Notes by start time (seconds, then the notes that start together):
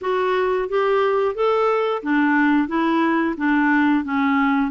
0.01 F#4
0.69 G4
1.35 A4
2.03 D4
2.68 E4
3.37 D4
4.04 C#4